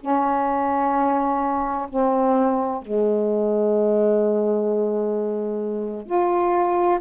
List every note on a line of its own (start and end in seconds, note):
0.00 1.87 C#4
1.89 2.82 C4
2.82 6.06 G#3
6.06 6.99 F4